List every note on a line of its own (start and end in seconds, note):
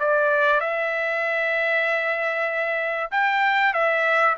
0.00 0.61 D5
0.61 3.11 E5
3.11 3.74 G5
3.74 4.36 E5